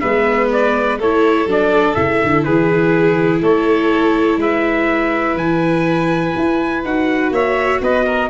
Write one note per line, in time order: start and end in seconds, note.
0.00 1.00 G#3
0.00 1.00 B3
0.00 0.99 B4
0.00 0.49 E5
0.52 1.01 D5
1.00 1.47 A3
1.00 1.49 E4
1.00 2.45 A4
1.00 1.50 C#5
1.47 1.95 F#3
1.47 1.96 D4
1.47 1.95 D5
1.95 2.21 C#3
1.95 6.84 E4
1.95 2.43 E5
2.24 2.47 D3
2.44 3.42 E3
2.44 3.42 G#4
2.44 3.41 B4
3.42 4.38 A3
3.42 4.40 A4
3.42 4.41 C#5
4.38 5.34 G#3
4.38 7.33 B4
4.38 5.37 E5
5.34 6.32 E3
5.34 6.84 G#5
6.37 6.85 E4
6.84 7.32 D#4
6.84 8.30 F#4
6.84 7.33 F#5
7.32 7.80 A#3
7.32 7.82 C#5
7.32 7.82 E5
7.81 8.30 B3
7.81 8.06 B4
7.81 8.30 D#5
8.06 8.30 A#4